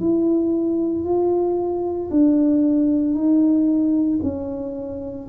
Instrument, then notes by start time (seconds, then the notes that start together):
tuba
0.00 E4
1.04 F4
2.11 D4
3.14 D#4
4.22 C#4